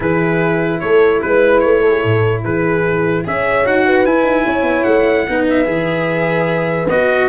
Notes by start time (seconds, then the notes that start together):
0.00 E3 E4 G#4 B4
0.80 A3 A4 C#5
1.21 G#3 B4
1.60 A3 C#5
1.81 A4
1.90 G#4
2.01 A2 A4
2.43 E3 G#4 B4
3.24 C#4 G#4 C#5 E5
3.65 D#4 F#4 F#5
3.85 B4
4.05 E4 G#5
4.23 D#4
4.44 C#4 C#5
4.62 B3
4.83 A3 F#5
5.28 B3 D#4 B4
5.49 E5
5.64 E3 G#4
6.89 B3 F#4 D#5